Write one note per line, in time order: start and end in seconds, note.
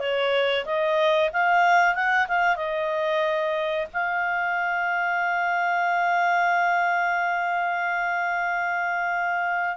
0.00 0.65 C#5
0.66 1.31 D#5
1.33 1.95 F5
1.95 2.27 F#5
2.28 2.56 F5
2.56 3.87 D#5
3.93 9.77 F5